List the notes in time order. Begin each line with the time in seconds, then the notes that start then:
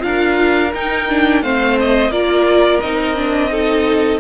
0.00 D4 F4 A#4 F5
0.74 D#4 G5
1.09 D4
1.42 A3 C4 C5 F5
1.80 D#5
2.09 A#3 F4 A#4 D5
2.80 C4 D#4 D#5
3.16 D4
3.50 D#4 A4